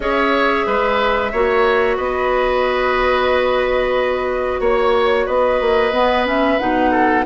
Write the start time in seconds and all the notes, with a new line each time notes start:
0.00 C#4 G#4 C#5 E5
0.66 G#3 B4
1.31 A#3 F#4 C#5
1.96 B3 B4 D#5
4.60 A#3 C#5
5.25 B3 B4 D#5
5.60 A#3
5.92 B3
6.25 C#4 E5
6.59 B2 D#4 F#5
6.91 A4